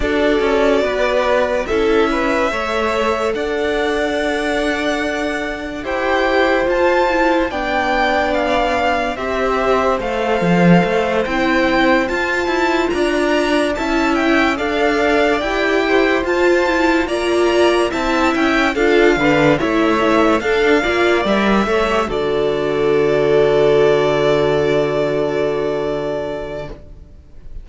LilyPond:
<<
  \new Staff \with { instrumentName = "violin" } { \time 4/4 \tempo 4 = 72 d''2 e''2 | fis''2. g''4 | a''4 g''4 f''4 e''4 | f''4. g''4 a''4 ais''8~ |
ais''8 a''8 g''8 f''4 g''4 a''8~ | a''8 ais''4 a''8 g''8 f''4 e''8~ | e''8 f''4 e''4 d''4.~ | d''1 | }
  \new Staff \with { instrumentName = "violin" } { \time 4/4 a'4 b'4 a'8 b'8 cis''4 | d''2. c''4~ | c''4 d''2 c''4~ | c''2.~ c''8 d''8~ |
d''8 e''4 d''4. c''4~ | c''8 d''4 e''4 a'8 b'8 cis''8~ | cis''8 a'8 d''4 cis''8 a'4.~ | a'1 | }
  \new Staff \with { instrumentName = "viola" } { \time 4/4 fis'2 e'4 a'4~ | a'2. g'4 | f'8 e'8 d'2 g'4 | a'4. e'4 f'4.~ |
f'8 e'4 a'4 g'4 f'8 | e'8 f'4 e'4 f'8 d'8 e'8 | e8 d'8 f'8 ais'8 a'16 g'16 fis'4.~ | fis'1 | }
  \new Staff \with { instrumentName = "cello" } { \time 4/4 d'8 cis'8 b4 cis'4 a4 | d'2. e'4 | f'4 b2 c'4 | a8 f8 a8 c'4 f'8 e'8 d'8~ |
d'8 cis'4 d'4 e'4 f'8~ | f'8 ais4 c'8 cis'8 d'8 d8 a8~ | a8 d'8 ais8 g8 a8 d4.~ | d1 | }
>>